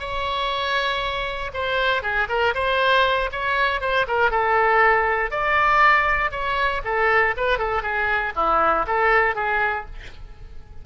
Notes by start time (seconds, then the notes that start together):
0.00 C#5
1.53 C5
2.02 G#4
2.29 A#4
2.54 C5
3.32 C#5
3.81 C5
4.07 A#4
4.31 A4
5.31 D5
6.31 C#5
6.84 A4
7.37 B4
7.58 A4
7.82 G#4
8.36 E4
8.87 A4
9.35 G#4